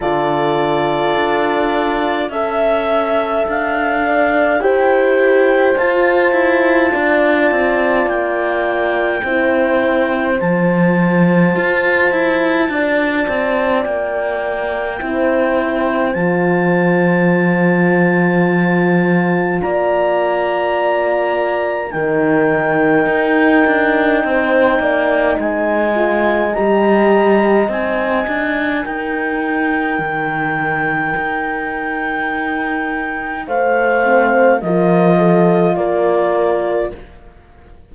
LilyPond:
<<
  \new Staff \with { instrumentName = "clarinet" } { \time 4/4 \tempo 4 = 52 d''2 e''4 f''4 | g''4 a''2 g''4~ | g''4 a''2. | g''2 a''2~ |
a''4 ais''2 g''4~ | g''2 gis''4 ais''4 | gis''4 g''2.~ | g''4 f''4 dis''4 d''4 | }
  \new Staff \with { instrumentName = "horn" } { \time 4/4 a'2 e''4. d''8 | c''2 d''2 | c''2. d''4~ | d''4 c''2.~ |
c''4 d''2 ais'4~ | ais'4 c''8 d''8 dis''2~ | dis''4 ais'2.~ | ais'4 c''4 ais'8 a'8 ais'4 | }
  \new Staff \with { instrumentName = "horn" } { \time 4/4 f'2 a'2 | g'4 f'2. | e'4 f'2.~ | f'4 e'4 f'2~ |
f'2. dis'4~ | dis'2~ dis'8 f'8 g'4 | dis'1~ | dis'4. c'8 f'2 | }
  \new Staff \with { instrumentName = "cello" } { \time 4/4 d4 d'4 cis'4 d'4 | e'4 f'8 e'8 d'8 c'8 ais4 | c'4 f4 f'8 e'8 d'8 c'8 | ais4 c'4 f2~ |
f4 ais2 dis4 | dis'8 d'8 c'8 ais8 gis4 g4 | c'8 d'8 dis'4 dis4 dis'4~ | dis'4 a4 f4 ais4 | }
>>